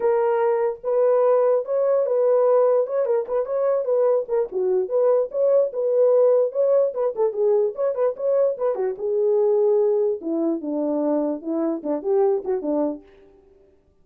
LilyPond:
\new Staff \with { instrumentName = "horn" } { \time 4/4 \tempo 4 = 147 ais'2 b'2 | cis''4 b'2 cis''8 ais'8 | b'8 cis''4 b'4 ais'8 fis'4 | b'4 cis''4 b'2 |
cis''4 b'8 a'8 gis'4 cis''8 b'8 | cis''4 b'8 fis'8 gis'2~ | gis'4 e'4 d'2 | e'4 d'8 g'4 fis'8 d'4 | }